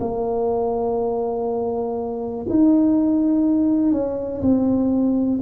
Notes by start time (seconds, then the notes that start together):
0.00 A#3
2.49 D#4
3.92 C#4
4.42 C4